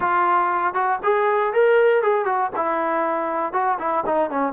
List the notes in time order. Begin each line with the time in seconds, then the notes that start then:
0.00 F4
0.74 F#4
1.03 G#4
1.53 A#4
2.02 G#4
2.25 F#4
2.56 E4
3.52 F#4
3.78 E4
4.05 D#4
4.29 C#4